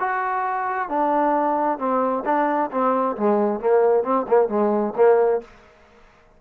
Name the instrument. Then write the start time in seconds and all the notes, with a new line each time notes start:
trombone
0.00 F#4
0.89 D4
1.79 C4
2.26 D4
2.72 C4
3.17 G#3
3.61 A#3
4.04 C4
4.29 A#3
4.49 G#3
4.97 A#3